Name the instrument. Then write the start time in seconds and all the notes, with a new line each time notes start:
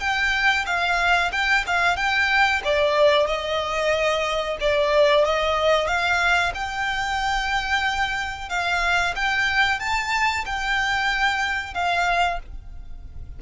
violin
0.00 G5
0.66 F5
1.32 G5
1.67 F5
1.96 G5
2.64 D5
3.27 D#5
4.60 D5
5.25 D#5
5.87 F5
6.54 G5
8.49 F5
9.15 G5
9.79 A5
10.46 G5
11.74 F5